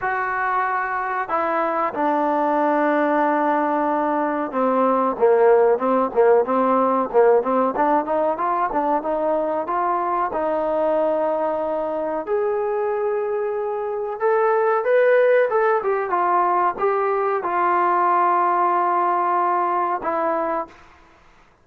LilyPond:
\new Staff \with { instrumentName = "trombone" } { \time 4/4 \tempo 4 = 93 fis'2 e'4 d'4~ | d'2. c'4 | ais4 c'8 ais8 c'4 ais8 c'8 | d'8 dis'8 f'8 d'8 dis'4 f'4 |
dis'2. gis'4~ | gis'2 a'4 b'4 | a'8 g'8 f'4 g'4 f'4~ | f'2. e'4 | }